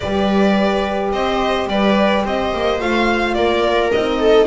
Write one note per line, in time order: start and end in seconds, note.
0.00 1.12 G3
0.00 2.80 G4
0.00 1.13 B4
0.00 1.11 D5
1.12 1.67 C4
1.12 1.69 C5
1.12 1.68 D#5
1.67 2.23 G3
1.67 2.24 B4
1.67 2.25 D5
2.24 2.53 C4
2.24 3.36 C5
2.24 2.80 D#5
2.53 2.80 A#3
2.80 3.35 A3
2.80 3.92 F4
2.80 3.34 F5
3.34 3.91 A#3
3.34 4.19 A#4
3.34 3.90 D5
3.92 4.46 C4
3.92 4.46 D#4
3.92 4.46 D#5
4.19 4.46 A4